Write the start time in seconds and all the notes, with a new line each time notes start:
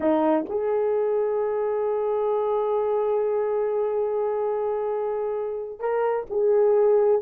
0.00 D#4
0.49 G#4
5.79 A#4
6.29 G#4